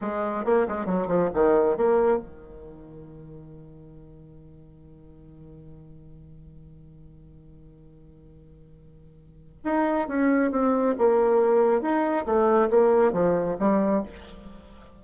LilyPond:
\new Staff \with { instrumentName = "bassoon" } { \time 4/4 \tempo 4 = 137 gis4 ais8 gis8 fis8 f8 dis4 | ais4 dis2.~ | dis1~ | dis1~ |
dis1~ | dis2 dis'4 cis'4 | c'4 ais2 dis'4 | a4 ais4 f4 g4 | }